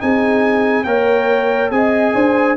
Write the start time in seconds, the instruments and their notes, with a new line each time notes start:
0.00 tuba C4, trombone D#4, horn G#4, trumpet G#5
0.84 tuba A#3, trombone A#4, horn C#5, trumpet G5
1.71 tuba C4, trombone G#4, horn D#5, trumpet G#5
2.15 tuba D4, horn C5